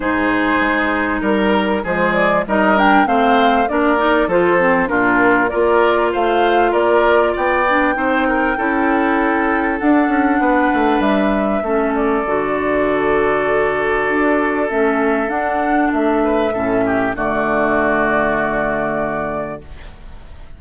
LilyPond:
<<
  \new Staff \with { instrumentName = "flute" } { \time 4/4 \tempo 4 = 98 c''2 ais'4 c''8 d''8 | dis''8 g''8 f''4 d''4 c''4 | ais'4 d''4 f''4 d''4 | g''1 |
fis''2 e''4. d''8~ | d''1 | e''4 fis''4 e''2 | d''1 | }
  \new Staff \with { instrumentName = "oboe" } { \time 4/4 gis'2 ais'4 gis'4 | ais'4 c''4 ais'4 a'4 | f'4 ais'4 c''4 ais'4 | d''4 c''8 ais'8 a'2~ |
a'4 b'2 a'4~ | a'1~ | a'2~ a'8 b'8 a'8 g'8 | fis'1 | }
  \new Staff \with { instrumentName = "clarinet" } { \time 4/4 dis'2. gis4 | dis'8 d'8 c'4 d'8 dis'8 f'8 c'8 | d'4 f'2.~ | f'8 d'8 dis'4 e'2 |
d'2. cis'4 | fis'1 | cis'4 d'2 cis'4 | a1 | }
  \new Staff \with { instrumentName = "bassoon" } { \time 4/4 gis,4 gis4 g4 f4 | g4 a4 ais4 f4 | ais,4 ais4 a4 ais4 | b4 c'4 cis'2 |
d'8 cis'8 b8 a8 g4 a4 | d2. d'4 | a4 d'4 a4 a,4 | d1 | }
>>